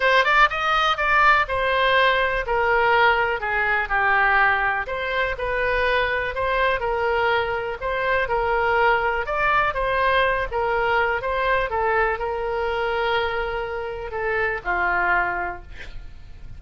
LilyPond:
\new Staff \with { instrumentName = "oboe" } { \time 4/4 \tempo 4 = 123 c''8 d''8 dis''4 d''4 c''4~ | c''4 ais'2 gis'4 | g'2 c''4 b'4~ | b'4 c''4 ais'2 |
c''4 ais'2 d''4 | c''4. ais'4. c''4 | a'4 ais'2.~ | ais'4 a'4 f'2 | }